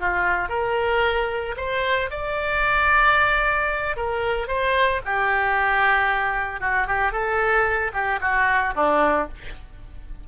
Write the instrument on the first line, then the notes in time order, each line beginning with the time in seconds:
oboe
0.00 F4
0.49 A#4
1.57 C5
2.11 D5
3.97 A#4
4.48 C5
5.06 G4
6.61 F#4
6.88 G4
7.12 A4
7.94 G4
8.21 F#4
8.76 D4